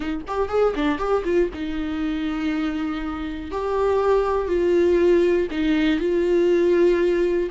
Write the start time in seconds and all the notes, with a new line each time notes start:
0.00 D#4
0.27 G4
0.48 G#4
0.75 D4
0.98 G4
1.24 F4
1.53 D#4
3.51 G4
4.47 F4
5.50 D#4
5.99 F4